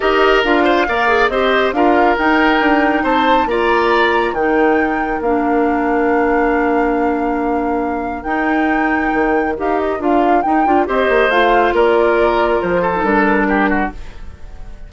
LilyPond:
<<
  \new Staff \with { instrumentName = "flute" } { \time 4/4 \tempo 4 = 138 dis''4 f''2 dis''4 | f''4 g''2 a''4 | ais''2 g''2 | f''1~ |
f''2. g''4~ | g''2 f''8 dis''8 f''4 | g''4 dis''4 f''4 d''4~ | d''4 c''4 ais'2 | }
  \new Staff \with { instrumentName = "oboe" } { \time 4/4 ais'4. c''8 d''4 c''4 | ais'2. c''4 | d''2 ais'2~ | ais'1~ |
ais'1~ | ais'1~ | ais'4 c''2 ais'4~ | ais'4. a'4. g'8 fis'8 | }
  \new Staff \with { instrumentName = "clarinet" } { \time 4/4 g'4 f'4 ais'8 gis'8 g'4 | f'4 dis'2. | f'2 dis'2 | d'1~ |
d'2. dis'4~ | dis'2 g'4 f'4 | dis'8 f'8 g'4 f'2~ | f'4.~ f'16 dis'16 d'2 | }
  \new Staff \with { instrumentName = "bassoon" } { \time 4/4 dis'4 d'4 ais4 c'4 | d'4 dis'4 d'4 c'4 | ais2 dis2 | ais1~ |
ais2. dis'4~ | dis'4 dis4 dis'4 d'4 | dis'8 d'8 c'8 ais8 a4 ais4~ | ais4 f4 g2 | }
>>